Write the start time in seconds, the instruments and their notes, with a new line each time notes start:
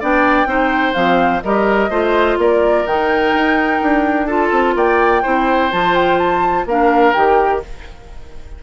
0.00 bassoon B3, clarinet D4, oboe D5, flute G5
0.46 bassoon C4, clarinet D#4, oboe C5
0.94 bassoon F3, clarinet C4, flute F5
1.43 bassoon G3, clarinet G4, oboe A#4, flute D#5
1.90 bassoon A3, clarinet F4, oboe C5
2.38 bassoon A#3, oboe A#4, flute D5
2.86 bassoon D#3, clarinet D#4, flute G5
3.33 bassoon D#4
3.82 bassoon D4
4.26 clarinet F4, oboe A4, flute A5
4.51 bassoon C4
4.75 bassoon A#3, oboe D5, flute G5
5.22 bassoon C4, clarinet E4, oboe C5
5.72 bassoon F3, clarinet F4, flute A5
5.95 flute G5
6.18 flute A5
6.66 bassoon A#3, clarinet D4, oboe A#4, flute F5
7.13 bassoon D#3, clarinet G4, flute G5